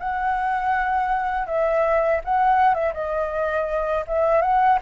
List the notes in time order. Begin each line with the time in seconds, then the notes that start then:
0.00 F#5
1.47 E5
2.25 F#5
2.75 E5
2.94 D#5
4.08 E5
4.42 F#5